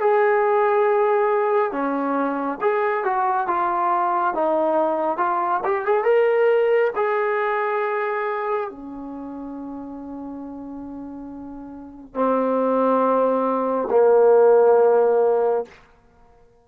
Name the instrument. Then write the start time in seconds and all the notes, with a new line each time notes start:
trombone
0.00 G#4
1.72 C#4
2.61 G#4
3.04 F#4
3.47 F4
4.34 D#4
5.17 F4
5.64 G4
5.86 G#4
6.04 A#4
6.96 G#4
8.70 C#4
12.14 C4
13.91 A#3